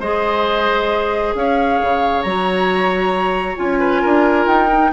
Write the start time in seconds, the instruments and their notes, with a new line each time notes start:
0.00 bassoon G#3, clarinet G#4, oboe C5, flute D#5
1.35 bassoon C#4, oboe C#5, flute F5
1.83 bassoon C#3
2.22 bassoon F#3, clarinet F#4, flute A#5
3.57 bassoon C#4, clarinet F4, flute G#5
3.80 oboe B4
4.02 bassoon D4, oboe A#4
4.47 bassoon D#4, flute G5
4.72 clarinet D#4